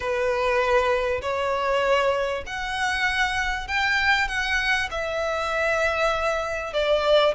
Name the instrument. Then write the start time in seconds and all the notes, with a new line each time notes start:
violin
0.00 B4
1.21 C#5
2.46 F#5
3.67 G5
4.27 F#5
4.91 E5
6.73 D5